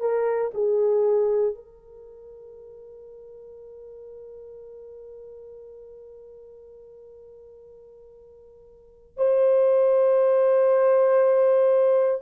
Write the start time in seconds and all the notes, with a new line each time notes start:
0.00 A#4
0.54 G#4
1.54 A#4
9.17 C5